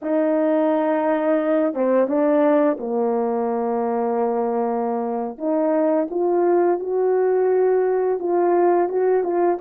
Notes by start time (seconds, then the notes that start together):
0.02 D#4
1.74 C4
2.07 D4
2.79 A#3
5.38 D#4
6.10 F4
6.79 F#4
8.18 F4
8.88 F#4
9.23 F4